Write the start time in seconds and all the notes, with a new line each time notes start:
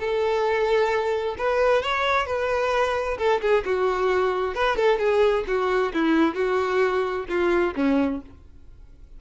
0.00 A4
1.38 B4
1.83 C#5
2.27 B4
3.18 A4
3.42 G#4
3.65 F#4
4.55 B4
4.77 A4
4.99 G#4
5.48 F#4
5.94 E4
6.35 F#4
7.29 F4
7.76 C#4